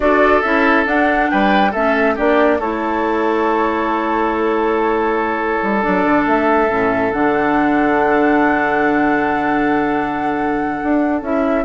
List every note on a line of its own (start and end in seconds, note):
0.00 0.42 D4
0.00 0.42 F#4
0.00 1.31 A4
0.00 0.41 D5
0.41 0.85 C#4
0.41 0.85 E4
0.41 0.84 E5
0.85 1.71 D4
0.85 1.29 D4
0.85 1.29 F#5
1.29 1.74 G3
1.29 1.71 B4
1.29 1.73 G5
1.71 2.17 A3
1.71 2.16 C#4
1.71 2.14 A4
1.71 2.16 E5
2.14 2.60 A#3
2.14 2.59 D4
2.14 2.58 G4
2.14 2.60 D5
2.59 5.62 A3
2.59 5.82 E4
2.59 11.64 A4
2.59 5.82 C#5
5.62 5.84 G3
5.82 6.05 F#3
5.82 6.68 D4
5.82 6.25 D5
6.05 6.26 D3
6.26 6.69 A3
6.26 7.12 E5
6.69 7.12 A2
6.69 7.11 C#4
7.11 10.80 D3
7.11 11.21 D4
7.11 11.22 F#5
10.83 11.21 D4
11.21 11.64 C#4
11.21 11.64 E4
11.21 11.64 E5